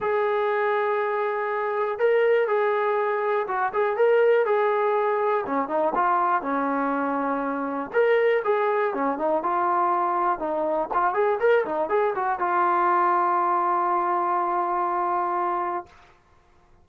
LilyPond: \new Staff \with { instrumentName = "trombone" } { \time 4/4 \tempo 4 = 121 gis'1 | ais'4 gis'2 fis'8 gis'8 | ais'4 gis'2 cis'8 dis'8 | f'4 cis'2. |
ais'4 gis'4 cis'8 dis'8 f'4~ | f'4 dis'4 f'8 gis'8 ais'8 dis'8 | gis'8 fis'8 f'2.~ | f'1 | }